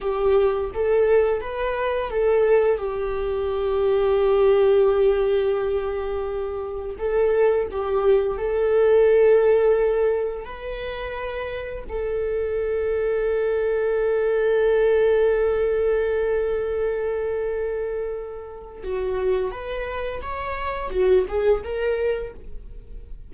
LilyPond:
\new Staff \with { instrumentName = "viola" } { \time 4/4 \tempo 4 = 86 g'4 a'4 b'4 a'4 | g'1~ | g'2 a'4 g'4 | a'2. b'4~ |
b'4 a'2.~ | a'1~ | a'2. fis'4 | b'4 cis''4 fis'8 gis'8 ais'4 | }